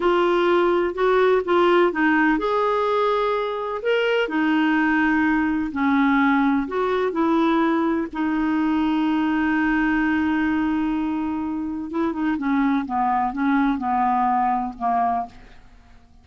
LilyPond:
\new Staff \with { instrumentName = "clarinet" } { \time 4/4 \tempo 4 = 126 f'2 fis'4 f'4 | dis'4 gis'2. | ais'4 dis'2. | cis'2 fis'4 e'4~ |
e'4 dis'2.~ | dis'1~ | dis'4 e'8 dis'8 cis'4 b4 | cis'4 b2 ais4 | }